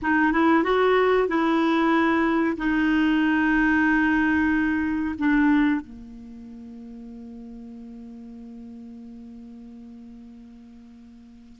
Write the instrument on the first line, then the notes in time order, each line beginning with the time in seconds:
clarinet
0.01 D#4
0.32 E4
0.63 F#4
1.27 E4
2.57 D#4
5.18 D4
5.81 A#3